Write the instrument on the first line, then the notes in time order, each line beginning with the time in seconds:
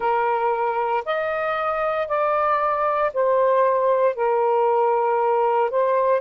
saxophone
0.00 A#4
1.05 D#5
2.08 D5
3.13 C5
4.15 A#4
5.70 C5